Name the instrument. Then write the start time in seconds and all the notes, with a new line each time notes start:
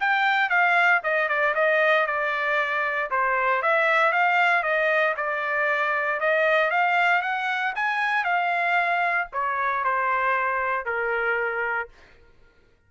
trumpet
0.00 G5
0.49 F5
1.03 D#5
1.28 D5
1.55 D#5
2.06 D5
3.10 C5
3.62 E5
4.12 F5
4.63 D#5
5.17 D5
6.20 D#5
6.71 F5
7.22 F#5
7.75 G#5
8.24 F5
9.33 C#5
9.84 C5
10.85 A#4